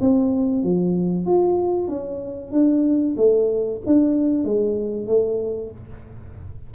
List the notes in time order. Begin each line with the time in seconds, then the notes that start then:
0.00 C4
0.63 F3
1.26 F4
1.88 C#4
2.52 D4
3.17 A3
3.86 D4
4.44 G#3
5.07 A3